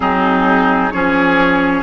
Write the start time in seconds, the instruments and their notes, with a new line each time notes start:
0.00 bassoon F#3, clarinet C4, oboe D#4, flute G#4
0.91 bassoon F3, clarinet C#4, oboe G#4, flute C#5